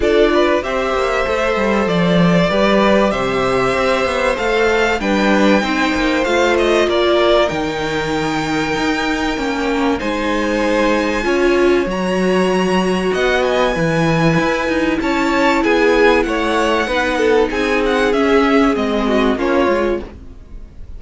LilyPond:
<<
  \new Staff \with { instrumentName = "violin" } { \time 4/4 \tempo 4 = 96 d''4 e''2 d''4~ | d''4 e''2 f''4 | g''2 f''8 dis''8 d''4 | g''1 |
gis''2. ais''4~ | ais''4 fis''8 gis''2~ gis''8 | a''4 gis''4 fis''2 | gis''8 fis''8 e''4 dis''4 cis''4 | }
  \new Staff \with { instrumentName = "violin" } { \time 4/4 a'8 b'8 c''2. | b'4 c''2. | b'4 c''2 ais'4~ | ais'1 |
c''2 cis''2~ | cis''4 dis''4 b'2 | cis''4 gis'4 cis''4 b'8 a'8 | gis'2~ gis'8 fis'8 f'4 | }
  \new Staff \with { instrumentName = "viola" } { \time 4/4 f'4 g'4 a'2 | g'2. a'4 | d'4 dis'4 f'2 | dis'2. cis'4 |
dis'2 f'4 fis'4~ | fis'2 e'2~ | e'2. dis'4~ | dis'4 cis'4 c'4 cis'8 f'8 | }
  \new Staff \with { instrumentName = "cello" } { \time 4/4 d'4 c'8 ais8 a8 g8 f4 | g4 c4 c'8 b8 a4 | g4 c'8 ais8 a4 ais4 | dis2 dis'4 ais4 |
gis2 cis'4 fis4~ | fis4 b4 e4 e'8 dis'8 | cis'4 b4 a4 b4 | c'4 cis'4 gis4 ais8 gis8 | }
>>